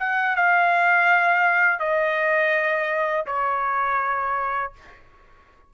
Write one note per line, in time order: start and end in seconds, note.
0.00 0.36 F#5
0.36 1.80 F5
1.80 3.26 D#5
3.27 4.73 C#5